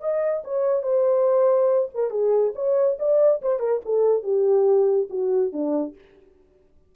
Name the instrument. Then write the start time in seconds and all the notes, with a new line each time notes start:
horn
0.00 D#5
0.44 C#5
0.83 C5
1.94 A#4
2.10 G#4
2.55 C#5
2.99 D5
3.42 C5
3.59 A#4
3.85 A4
4.23 G4
5.10 F#4
5.52 D4